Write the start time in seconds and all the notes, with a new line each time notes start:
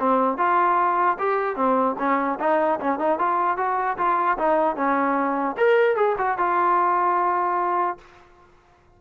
0.00 C4
0.38 F4
1.19 G4
1.56 C4
1.99 C#4
2.40 D#4
2.80 C#4
2.99 D#4
3.19 F4
3.57 F#4
3.98 F4
4.38 D#4
4.76 C#4
5.57 A#4
5.97 G#4
6.18 F#4
6.38 F4